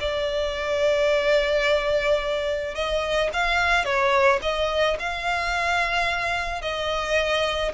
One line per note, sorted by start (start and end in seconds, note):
0.00 2.75 D5
2.75 3.30 D#5
3.33 3.85 F5
3.85 4.40 C#5
4.42 4.97 D#5
4.99 6.62 F5
6.62 7.72 D#5